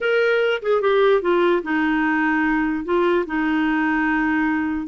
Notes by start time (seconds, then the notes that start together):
0.00 A#4
0.62 G#4
0.81 G4
1.21 F4
1.63 D#4
2.85 F4
3.26 D#4